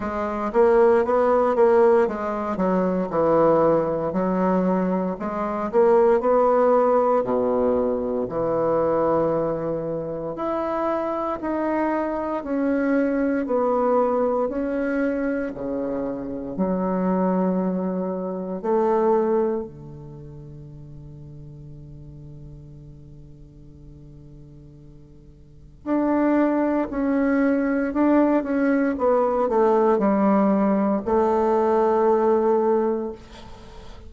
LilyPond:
\new Staff \with { instrumentName = "bassoon" } { \time 4/4 \tempo 4 = 58 gis8 ais8 b8 ais8 gis8 fis8 e4 | fis4 gis8 ais8 b4 b,4 | e2 e'4 dis'4 | cis'4 b4 cis'4 cis4 |
fis2 a4 d4~ | d1~ | d4 d'4 cis'4 d'8 cis'8 | b8 a8 g4 a2 | }